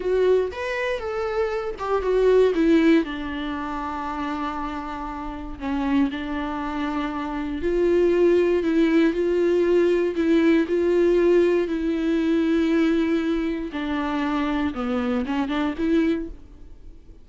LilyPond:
\new Staff \with { instrumentName = "viola" } { \time 4/4 \tempo 4 = 118 fis'4 b'4 a'4. g'8 | fis'4 e'4 d'2~ | d'2. cis'4 | d'2. f'4~ |
f'4 e'4 f'2 | e'4 f'2 e'4~ | e'2. d'4~ | d'4 b4 cis'8 d'8 e'4 | }